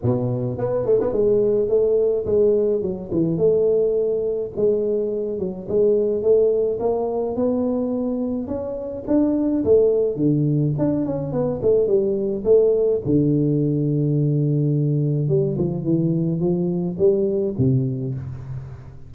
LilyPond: \new Staff \with { instrumentName = "tuba" } { \time 4/4 \tempo 4 = 106 b,4 b8 a16 b16 gis4 a4 | gis4 fis8 e8 a2 | gis4. fis8 gis4 a4 | ais4 b2 cis'4 |
d'4 a4 d4 d'8 cis'8 | b8 a8 g4 a4 d4~ | d2. g8 f8 | e4 f4 g4 c4 | }